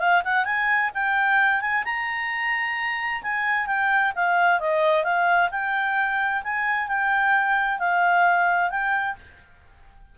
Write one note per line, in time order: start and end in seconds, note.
0.00 0.23 F5
0.25 0.45 F#5
0.45 0.91 G#5
0.95 1.62 G5
1.62 1.84 G#5
1.85 3.22 A#5
3.23 3.67 G#5
3.67 4.13 G5
4.16 4.60 F5
4.60 5.04 D#5
5.04 5.50 F5
5.51 6.43 G5
6.44 6.88 G#5
6.88 7.80 G5
7.80 8.70 F5
8.70 9.16 G5